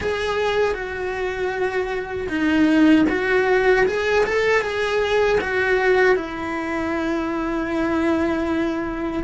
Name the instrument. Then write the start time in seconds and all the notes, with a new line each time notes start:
cello
0.00 G#4
0.74 F#4
2.28 D#4
3.09 F#4
3.86 G#4
4.25 A4
4.62 G#4
5.41 F#4
6.15 E4